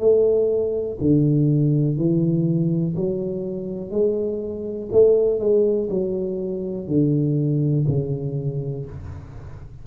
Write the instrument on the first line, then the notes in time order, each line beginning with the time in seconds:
tuba
0.00 A3
1.01 D3
1.97 E3
2.96 F#3
3.91 G#3
4.92 A3
5.40 G#3
5.90 F#3
6.88 D3
7.88 C#3